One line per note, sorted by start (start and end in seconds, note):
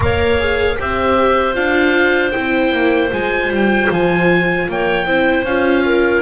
0.00 0.77 A#3
0.00 0.38 A#4
0.00 0.77 C#5
0.00 0.79 F5
0.38 0.77 G#4
0.77 1.56 C4
0.77 1.53 G4
0.77 4.67 C5
0.77 1.55 E5
1.53 2.34 D4
1.53 2.31 F4
1.53 2.31 F5
2.31 2.72 C4
2.31 3.10 E4
2.31 3.09 G5
2.72 3.11 A#3
3.10 3.48 G#3
3.10 5.05 F4
3.10 3.52 G#5
3.48 3.87 G3
3.55 3.93 G5
3.90 4.68 F3
3.90 4.71 G#5
4.68 5.06 A#3
4.68 5.05 C#5
4.68 5.45 G5
5.05 5.43 C4
5.05 5.45 E4
5.05 5.83 C5
5.43 6.21 C#4
5.43 6.22 F4
5.43 6.22 F5
5.85 6.22 A#4